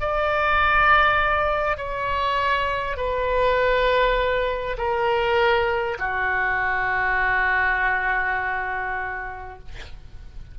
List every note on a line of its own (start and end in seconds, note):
0.00 1.77 D5
1.77 2.97 C#5
2.97 4.77 B4
4.77 5.97 A#4
5.98 9.58 F#4